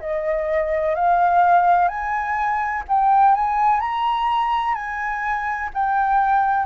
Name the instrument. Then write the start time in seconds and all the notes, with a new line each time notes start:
flute
0.00 D#5
0.95 F5
1.88 G#5
2.88 G5
3.35 G#5
3.81 A#5
4.74 G#5
5.74 G5